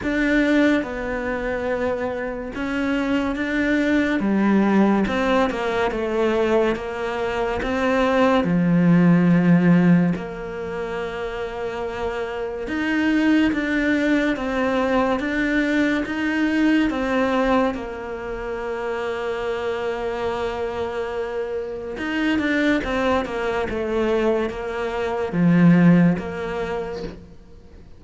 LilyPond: \new Staff \with { instrumentName = "cello" } { \time 4/4 \tempo 4 = 71 d'4 b2 cis'4 | d'4 g4 c'8 ais8 a4 | ais4 c'4 f2 | ais2. dis'4 |
d'4 c'4 d'4 dis'4 | c'4 ais2.~ | ais2 dis'8 d'8 c'8 ais8 | a4 ais4 f4 ais4 | }